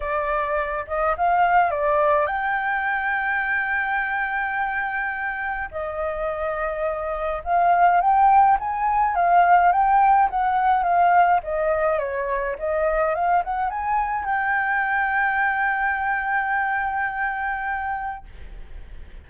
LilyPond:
\new Staff \with { instrumentName = "flute" } { \time 4/4 \tempo 4 = 105 d''4. dis''8 f''4 d''4 | g''1~ | g''2 dis''2~ | dis''4 f''4 g''4 gis''4 |
f''4 g''4 fis''4 f''4 | dis''4 cis''4 dis''4 f''8 fis''8 | gis''4 g''2.~ | g''1 | }